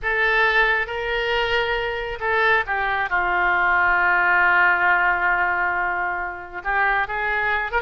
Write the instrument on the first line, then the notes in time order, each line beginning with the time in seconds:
oboe
0.02 A4
0.86 A#4
2.20 A4
2.66 G4
3.09 F4
6.63 G4
7.07 G#4
7.71 A#4